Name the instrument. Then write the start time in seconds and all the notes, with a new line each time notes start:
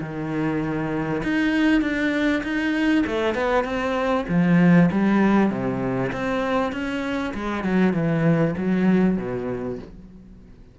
cello
0.00 D#3
1.23 D#4
1.81 D4
2.43 D#4
3.07 A3
3.35 B3
3.64 C4
4.29 F3
4.91 G3
5.50 C3
6.12 C4
6.72 C#4
7.34 G#3
7.64 F#3
7.93 E3
8.57 F#3
9.17 B2